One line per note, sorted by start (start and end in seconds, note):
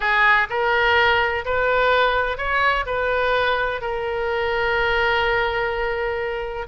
0.00 0.47 G#4
0.49 1.45 A#4
1.45 2.37 B4
2.37 2.85 C#5
2.85 3.81 B4
3.81 6.67 A#4